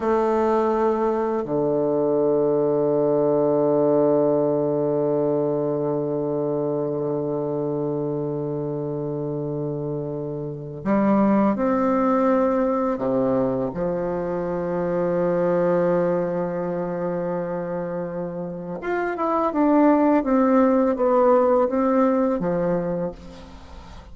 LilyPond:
\new Staff \with { instrumentName = "bassoon" } { \time 4/4 \tempo 4 = 83 a2 d2~ | d1~ | d1~ | d2. g4 |
c'2 c4 f4~ | f1~ | f2 f'8 e'8 d'4 | c'4 b4 c'4 f4 | }